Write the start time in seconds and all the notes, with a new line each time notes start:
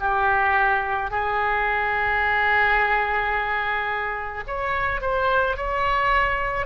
0.00 G4
1.11 G#4
4.47 C#5
5.02 C5
5.57 C#5